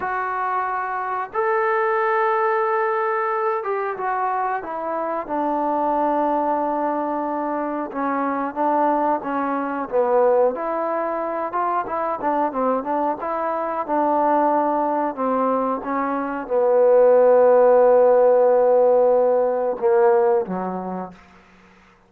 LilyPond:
\new Staff \with { instrumentName = "trombone" } { \time 4/4 \tempo 4 = 91 fis'2 a'2~ | a'4. g'8 fis'4 e'4 | d'1 | cis'4 d'4 cis'4 b4 |
e'4. f'8 e'8 d'8 c'8 d'8 | e'4 d'2 c'4 | cis'4 b2.~ | b2 ais4 fis4 | }